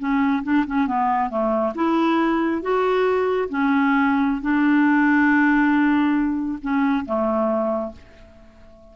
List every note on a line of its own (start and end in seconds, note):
0.00 0.43 C#4
0.44 0.65 D4
0.67 0.87 C#4
0.87 1.30 B3
1.30 1.74 A3
1.75 2.62 E4
2.62 3.49 F#4
3.49 4.42 C#4
4.42 6.59 D4
6.62 7.06 C#4
7.06 7.92 A3